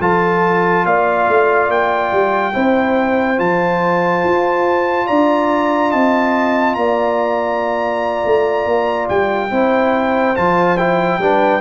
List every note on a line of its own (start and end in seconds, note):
0.00 0.85 F3
0.00 2.53 F4
0.00 0.86 A4
0.00 0.86 A5
0.85 1.27 A#3
0.85 2.54 D5
0.85 1.71 F5
1.28 1.68 A3
1.68 2.10 A#3
1.68 3.40 G5
2.12 2.54 G3
2.53 3.39 C4
2.53 3.37 E4
2.53 5.06 C5
3.37 4.23 F3
3.37 9.50 F4
3.37 5.07 A5
4.24 5.08 F4
5.06 5.93 D4
5.06 5.91 D5
5.06 5.91 A#5
5.91 6.76 C4
5.91 6.75 D#5
5.91 6.74 A5
6.74 8.24 A#3
6.74 9.51 D5
6.74 9.07 A#5
8.25 8.66 A3
8.66 9.08 A#3
9.09 9.51 G3
9.09 10.36 G5
9.50 10.36 C4
9.50 10.35 E4
9.50 11.20 C5
10.35 11.18 F3
10.35 10.77 F4
10.35 10.78 A5
10.78 11.21 E4
10.78 11.61 G5
11.18 11.61 G3
11.18 11.61 D4
11.18 11.61 B4